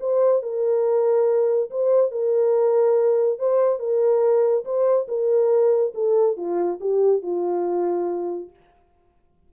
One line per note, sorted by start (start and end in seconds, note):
0.00 0.42 C5
0.42 1.70 A#4
1.70 2.11 C5
2.11 3.39 A#4
3.39 3.79 C5
3.79 4.64 A#4
4.65 5.07 C5
5.08 5.93 A#4
5.94 6.37 A4
6.37 6.79 F4
6.81 7.22 G4
7.22 8.50 F4